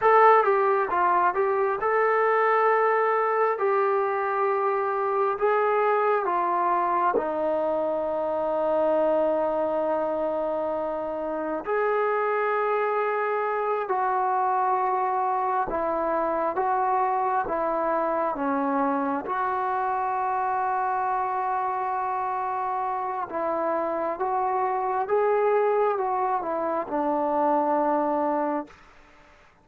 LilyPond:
\new Staff \with { instrumentName = "trombone" } { \time 4/4 \tempo 4 = 67 a'8 g'8 f'8 g'8 a'2 | g'2 gis'4 f'4 | dis'1~ | dis'4 gis'2~ gis'8 fis'8~ |
fis'4. e'4 fis'4 e'8~ | e'8 cis'4 fis'2~ fis'8~ | fis'2 e'4 fis'4 | gis'4 fis'8 e'8 d'2 | }